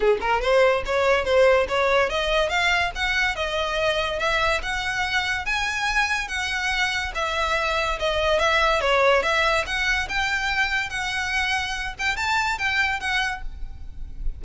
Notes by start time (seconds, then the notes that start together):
0.00 G#4
0.20 A#4
0.41 C5
0.85 C#5
1.25 C5
1.68 C#5
2.09 D#5
2.49 F5
2.95 F#5
3.35 D#5
4.19 E5
4.62 F#5
5.45 G#5
6.28 F#5
7.14 E5
7.99 D#5
8.39 E5
8.80 C#5
9.23 E5
9.66 F#5
10.09 G5
10.89 F#5
11.98 G5
12.16 A5
12.58 G5
13.00 F#5